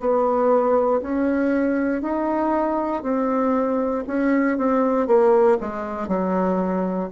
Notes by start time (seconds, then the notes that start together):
0.00 B3
1.02 C#4
2.02 D#4
3.03 C4
4.07 C#4
4.58 C4
5.08 A#3
5.61 G#3
6.08 F#3